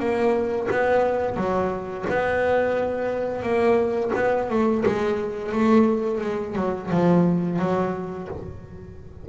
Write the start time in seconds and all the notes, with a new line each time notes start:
0.00 A#3
0.71 B3
1.37 F#3
2.10 B3
3.43 A#3
4.16 B3
4.50 A3
4.86 G#3
5.53 A3
6.21 G#3
6.56 F#3
6.92 F3
7.60 F#3